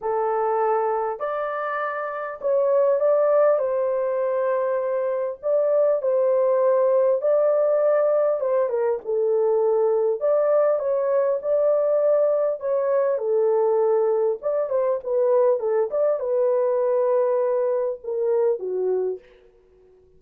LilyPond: \new Staff \with { instrumentName = "horn" } { \time 4/4 \tempo 4 = 100 a'2 d''2 | cis''4 d''4 c''2~ | c''4 d''4 c''2 | d''2 c''8 ais'8 a'4~ |
a'4 d''4 cis''4 d''4~ | d''4 cis''4 a'2 | d''8 c''8 b'4 a'8 d''8 b'4~ | b'2 ais'4 fis'4 | }